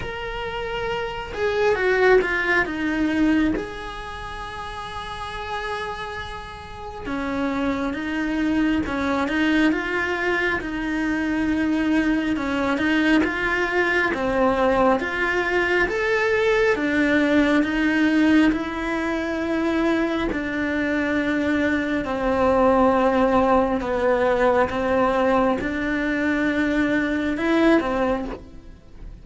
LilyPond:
\new Staff \with { instrumentName = "cello" } { \time 4/4 \tempo 4 = 68 ais'4. gis'8 fis'8 f'8 dis'4 | gis'1 | cis'4 dis'4 cis'8 dis'8 f'4 | dis'2 cis'8 dis'8 f'4 |
c'4 f'4 a'4 d'4 | dis'4 e'2 d'4~ | d'4 c'2 b4 | c'4 d'2 e'8 c'8 | }